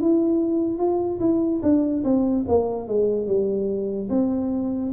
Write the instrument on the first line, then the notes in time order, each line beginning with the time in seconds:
tuba
0.00 E4
0.78 F4
1.20 E4
1.63 D4
2.04 C4
2.48 A#3
2.88 G#3
3.27 G3
4.09 C4